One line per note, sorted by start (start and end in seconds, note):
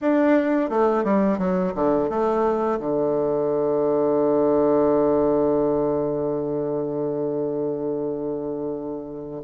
0.01 0.69 D4
0.69 1.03 A3
1.03 1.38 G3
1.38 1.73 F#3
1.74 2.09 D3
2.09 2.79 A3
2.79 9.42 D3